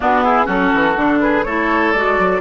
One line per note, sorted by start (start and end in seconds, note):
0.00 0.44 B3
0.00 0.47 B3
0.00 0.23 D4
0.00 0.23 F#4
0.23 0.45 E4
0.23 0.47 G#4
0.44 0.71 F#3
0.44 0.93 C#4
0.44 1.18 F#4
0.44 1.20 A4
0.74 0.96 E3
0.96 1.45 D3
0.96 1.45 D4
1.20 1.45 G#4
1.20 1.44 B4
1.44 1.94 A3
1.44 1.96 E4
1.44 2.40 A4
1.44 1.92 C#5
1.92 2.18 G#3
1.92 2.40 F#4
1.92 2.40 D5
2.18 2.40 F#3